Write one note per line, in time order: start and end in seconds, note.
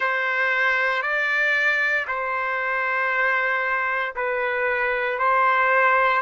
0.00 1.02 C5
1.02 2.05 D5
2.07 4.14 C5
4.15 5.19 B4
5.19 6.21 C5